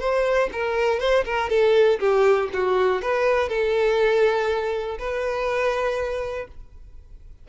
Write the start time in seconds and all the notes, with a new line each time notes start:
0.00 C5
0.53 A#4
1.00 C5
1.25 A#4
1.50 A4
1.99 G4
2.53 F#4
3.02 B4
3.49 A4
4.99 B4